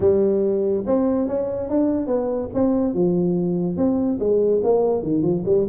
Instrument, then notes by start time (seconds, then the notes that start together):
tuba
0.00 G3
0.86 C4
1.28 C#4
1.69 D4
2.07 B3
2.54 C4
2.94 F3
3.76 C4
4.19 G#3
4.63 A#3
5.02 D#3
5.22 F3
5.45 G3